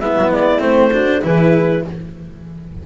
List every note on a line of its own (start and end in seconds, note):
0.00 0.15 G#3
0.00 0.59 B3
0.00 0.92 E4
0.00 0.31 E5
0.17 0.32 F#3
0.32 0.61 G#3
0.32 0.61 D5
0.59 1.22 A3
0.59 0.90 C4
0.59 1.22 C5
0.92 1.21 D4
0.92 1.23 F#4
1.21 1.85 E3
1.21 1.83 E4
1.21 1.86 G#4
1.21 1.84 B4